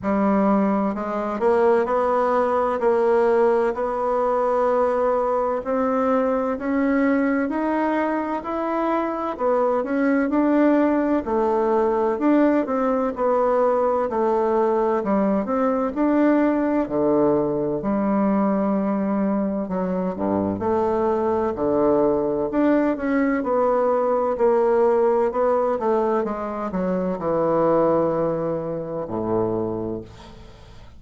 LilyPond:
\new Staff \with { instrumentName = "bassoon" } { \time 4/4 \tempo 4 = 64 g4 gis8 ais8 b4 ais4 | b2 c'4 cis'4 | dis'4 e'4 b8 cis'8 d'4 | a4 d'8 c'8 b4 a4 |
g8 c'8 d'4 d4 g4~ | g4 fis8 g,8 a4 d4 | d'8 cis'8 b4 ais4 b8 a8 | gis8 fis8 e2 a,4 | }